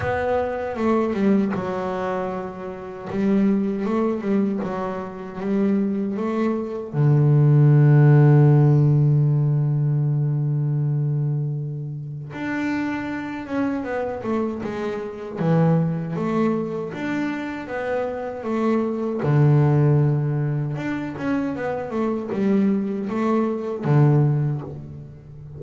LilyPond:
\new Staff \with { instrumentName = "double bass" } { \time 4/4 \tempo 4 = 78 b4 a8 g8 fis2 | g4 a8 g8 fis4 g4 | a4 d2.~ | d1 |
d'4. cis'8 b8 a8 gis4 | e4 a4 d'4 b4 | a4 d2 d'8 cis'8 | b8 a8 g4 a4 d4 | }